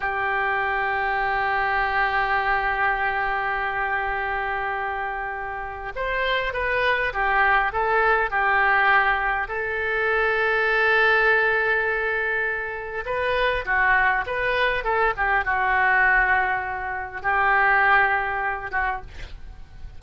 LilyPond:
\new Staff \with { instrumentName = "oboe" } { \time 4/4 \tempo 4 = 101 g'1~ | g'1~ | g'2 c''4 b'4 | g'4 a'4 g'2 |
a'1~ | a'2 b'4 fis'4 | b'4 a'8 g'8 fis'2~ | fis'4 g'2~ g'8 fis'8 | }